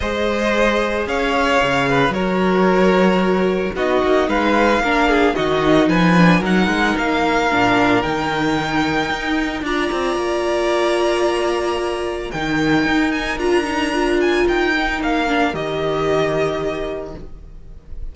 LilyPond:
<<
  \new Staff \with { instrumentName = "violin" } { \time 4/4 \tempo 4 = 112 dis''2 f''2 | cis''2. dis''4 | f''2 dis''4 gis''4 | fis''4 f''2 g''4~ |
g''2 ais''2~ | ais''2. g''4~ | g''8 gis''8 ais''4. gis''8 g''4 | f''4 dis''2. | }
  \new Staff \with { instrumentName = "violin" } { \time 4/4 c''2 cis''4. b'8 | ais'2. fis'4 | b'4 ais'8 gis'8 fis'4 b'4 | ais'1~ |
ais'2 d''2~ | d''2. ais'4~ | ais'1~ | ais'1 | }
  \new Staff \with { instrumentName = "viola" } { \time 4/4 gis'1 | fis'2. dis'4~ | dis'4 d'4 dis'4. d'8 | dis'2 d'4 dis'4~ |
dis'2 f'2~ | f'2. dis'4~ | dis'4 f'8 dis'8 f'4. dis'8~ | dis'8 d'8 g'2. | }
  \new Staff \with { instrumentName = "cello" } { \time 4/4 gis2 cis'4 cis4 | fis2. b8 ais8 | gis4 ais4 dis4 f4 | fis8 gis8 ais4 ais,4 dis4~ |
dis4 dis'4 d'8 c'8 ais4~ | ais2. dis4 | dis'4 d'2 dis'4 | ais4 dis2. | }
>>